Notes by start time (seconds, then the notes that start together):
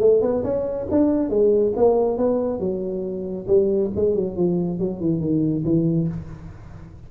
0.00 A3
0.22 B3
0.43 C#4
0.91 D4
1.29 G#3
1.76 A#3
2.17 B3
2.59 F#3
3.47 G3
3.95 G#3
4.15 F#3
4.36 F3
4.79 F#3
5.00 E3
5.20 D#3
5.64 E3